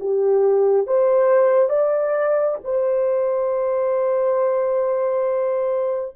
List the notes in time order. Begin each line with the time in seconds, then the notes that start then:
0.00 G4
0.87 C5
1.70 D5
2.64 C5